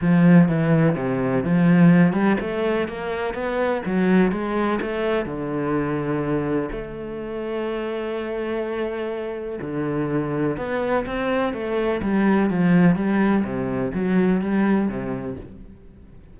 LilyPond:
\new Staff \with { instrumentName = "cello" } { \time 4/4 \tempo 4 = 125 f4 e4 c4 f4~ | f8 g8 a4 ais4 b4 | fis4 gis4 a4 d4~ | d2 a2~ |
a1 | d2 b4 c'4 | a4 g4 f4 g4 | c4 fis4 g4 c4 | }